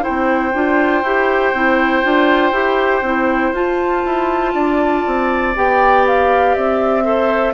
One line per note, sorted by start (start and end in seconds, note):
0.00 0.50 E4
0.00 4.52 C5
0.00 3.53 G5
0.08 0.54 C4
0.54 1.02 D4
0.54 1.04 F4
1.02 1.52 E4
1.02 1.54 G4
1.53 2.03 C4
1.53 2.03 E4
2.03 2.51 D4
2.03 2.52 F4
2.51 3.01 E4
2.51 3.02 G4
3.01 3.51 C4
3.01 3.54 E4
3.52 4.02 F4
3.52 5.54 F4
3.52 5.54 A5
4.05 4.54 E4
4.54 5.04 D4
4.54 7.04 D5
5.06 5.55 C4
5.55 6.55 B3
5.55 7.03 G4
5.55 6.06 G5
6.06 6.54 F5
6.54 7.53 C4
6.54 7.53 E5
7.03 7.53 A4
7.03 7.53 C5